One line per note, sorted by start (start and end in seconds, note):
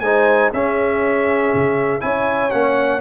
0.00 0.50 G#3
0.00 0.53 D#4
0.00 0.53 C5
0.00 0.50 G#5
0.53 1.53 C#4
0.53 2.00 C#4
0.53 2.03 G#4
0.53 2.01 E5
1.54 2.03 C#3
2.00 2.53 C#4
2.00 2.50 E4
2.00 3.01 C#5
2.00 2.51 G#5
2.51 3.01 A#3
2.51 3.01 C#4
2.51 3.01 F#5